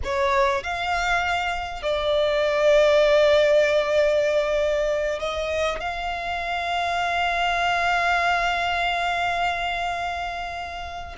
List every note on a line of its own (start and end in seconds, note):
0.03 0.63 C#5
0.63 1.82 F5
1.82 5.19 D5
5.19 5.80 D#5
5.80 11.15 F5